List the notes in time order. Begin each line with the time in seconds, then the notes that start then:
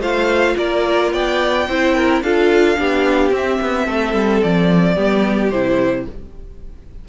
0.00 A3 F4 C5 F5
0.58 A#3 A#4 D5
1.12 B3 D5 G5
1.68 C4 E4 C5
1.96 A#4
2.22 D4 F4 A4 F5
2.76 B3 D4 G4
3.31 C4 E5
3.61 B3
3.86 A3 A4
4.14 G3
4.43 F3 D5
4.94 G3 B3 G4
5.51 C3 E4 C5